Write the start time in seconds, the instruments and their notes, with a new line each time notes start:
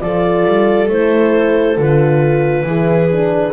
0.00 double bass F3, horn F4, viola A4, clarinet D5
0.45 double bass G3
0.89 double bass A3, horn E4, clarinet C5
1.77 double bass D3, horn F4, clarinet B4
2.63 double bass E3, horn E4, viola G#4
3.12 horn D4